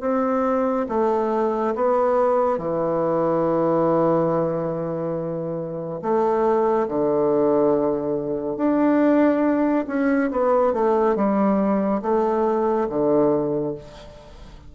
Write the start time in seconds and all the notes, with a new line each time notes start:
0.00 C4
0.88 A3
1.75 B3
2.58 E3
6.02 A3
6.88 D3
8.56 D4
9.87 C#4
10.31 B3
10.73 A3
11.15 G3
12.02 A3
12.89 D3